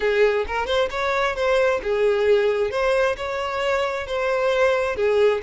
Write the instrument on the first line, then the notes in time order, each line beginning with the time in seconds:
violin
0.00 G#4
0.47 A#4
0.66 C5
0.90 C#5
1.35 C5
1.83 G#4
2.70 C5
3.16 C#5
4.06 C5
4.96 G#4